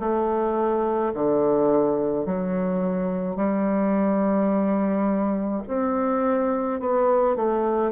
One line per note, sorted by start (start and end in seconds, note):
0.00 1.13 A3
1.14 2.26 D3
2.26 3.36 F#3
3.36 5.62 G3
5.68 6.80 C4
6.80 7.36 B3
7.36 7.92 A3